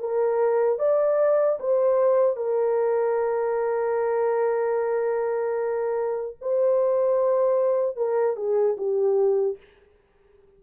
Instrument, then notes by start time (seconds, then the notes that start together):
horn
0.00 A#4
0.79 D5
1.60 C5
2.37 A#4
6.41 C5
7.97 A#4
8.37 G#4
8.77 G4